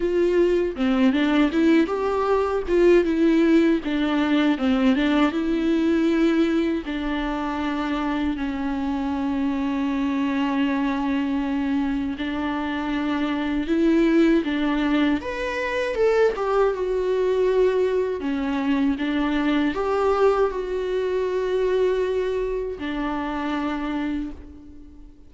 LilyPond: \new Staff \with { instrumentName = "viola" } { \time 4/4 \tempo 4 = 79 f'4 c'8 d'8 e'8 g'4 f'8 | e'4 d'4 c'8 d'8 e'4~ | e'4 d'2 cis'4~ | cis'1 |
d'2 e'4 d'4 | b'4 a'8 g'8 fis'2 | cis'4 d'4 g'4 fis'4~ | fis'2 d'2 | }